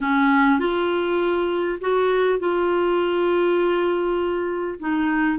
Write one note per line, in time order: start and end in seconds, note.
0.01 0.59 C#4
0.59 1.79 F4
1.80 2.39 F#4
2.39 4.79 F4
4.79 5.38 D#4